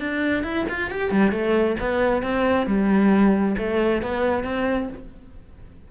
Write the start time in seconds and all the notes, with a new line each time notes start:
0.00 D4
0.44 E4
0.69 F4
0.91 G4
1.11 G3
1.32 A3
1.80 B3
2.23 C4
2.67 G3
3.58 A3
4.02 B3
4.44 C4